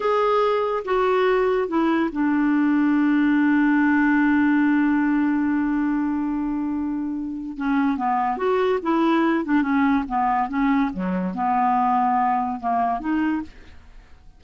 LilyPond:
\new Staff \with { instrumentName = "clarinet" } { \time 4/4 \tempo 4 = 143 gis'2 fis'2 | e'4 d'2.~ | d'1~ | d'1~ |
d'2 cis'4 b4 | fis'4 e'4. d'8 cis'4 | b4 cis'4 fis4 b4~ | b2 ais4 dis'4 | }